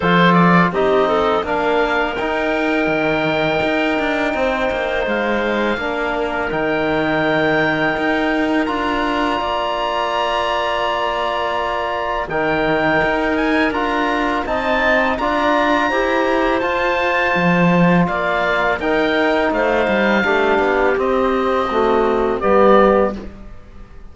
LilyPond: <<
  \new Staff \with { instrumentName = "oboe" } { \time 4/4 \tempo 4 = 83 c''8 d''8 dis''4 f''4 g''4~ | g''2. f''4~ | f''4 g''2. | ais''1~ |
ais''4 g''4. gis''8 ais''4 | a''4 ais''2 a''4~ | a''4 f''4 g''4 f''4~ | f''4 dis''2 d''4 | }
  \new Staff \with { instrumentName = "clarinet" } { \time 4/4 a'4 g'8 a'8 ais'2~ | ais'2 c''2 | ais'1~ | ais'4 d''2.~ |
d''4 ais'2. | dis''4 d''4 c''2~ | c''4 d''4 ais'4 c''4 | g'2 fis'4 g'4 | }
  \new Staff \with { instrumentName = "trombone" } { \time 4/4 f'4 dis'4 d'4 dis'4~ | dis'1 | d'4 dis'2. | f'1~ |
f'4 dis'2 f'4 | dis'4 f'4 g'4 f'4~ | f'2 dis'2 | d'4 c'4 a4 b4 | }
  \new Staff \with { instrumentName = "cello" } { \time 4/4 f4 c'4 ais4 dis'4 | dis4 dis'8 d'8 c'8 ais8 gis4 | ais4 dis2 dis'4 | d'4 ais2.~ |
ais4 dis4 dis'4 d'4 | c'4 d'4 e'4 f'4 | f4 ais4 dis'4 a8 g8 | a8 b8 c'2 g4 | }
>>